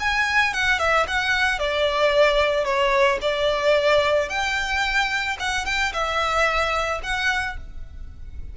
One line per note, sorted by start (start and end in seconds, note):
0.00 0.54 G#5
0.54 0.80 F#5
0.80 1.07 E5
1.08 1.59 F#5
1.59 2.65 D5
2.65 3.19 C#5
3.22 4.29 D5
4.29 5.37 G5
5.40 5.66 F#5
5.66 5.93 G5
5.93 7.01 E5
7.03 7.57 F#5